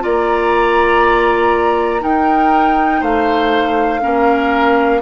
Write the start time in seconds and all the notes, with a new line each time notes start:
0.00 A#3 F4 D5 A#5
2.00 D#4 A#4 G5
3.00 A3 C5 F5
4.01 A#3 C#4 A#4